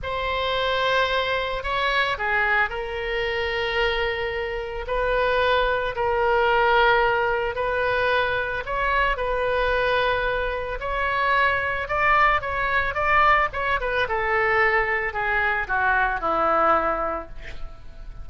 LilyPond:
\new Staff \with { instrumentName = "oboe" } { \time 4/4 \tempo 4 = 111 c''2. cis''4 | gis'4 ais'2.~ | ais'4 b'2 ais'4~ | ais'2 b'2 |
cis''4 b'2. | cis''2 d''4 cis''4 | d''4 cis''8 b'8 a'2 | gis'4 fis'4 e'2 | }